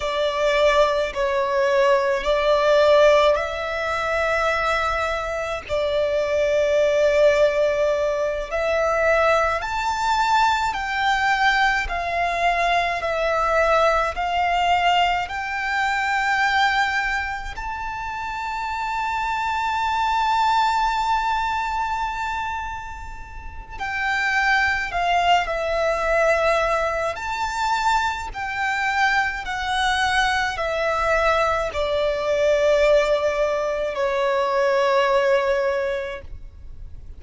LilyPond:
\new Staff \with { instrumentName = "violin" } { \time 4/4 \tempo 4 = 53 d''4 cis''4 d''4 e''4~ | e''4 d''2~ d''8 e''8~ | e''8 a''4 g''4 f''4 e''8~ | e''8 f''4 g''2 a''8~ |
a''1~ | a''4 g''4 f''8 e''4. | a''4 g''4 fis''4 e''4 | d''2 cis''2 | }